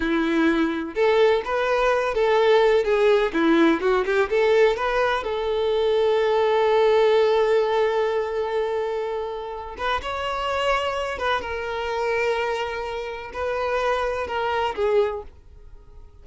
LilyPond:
\new Staff \with { instrumentName = "violin" } { \time 4/4 \tempo 4 = 126 e'2 a'4 b'4~ | b'8 a'4. gis'4 e'4 | fis'8 g'8 a'4 b'4 a'4~ | a'1~ |
a'1~ | a'8 b'8 cis''2~ cis''8 b'8 | ais'1 | b'2 ais'4 gis'4 | }